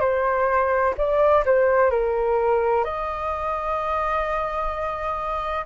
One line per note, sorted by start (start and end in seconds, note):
0.00 0.94 C5
0.97 1.44 D5
1.45 1.90 C5
1.90 2.84 A#4
2.84 5.65 D#5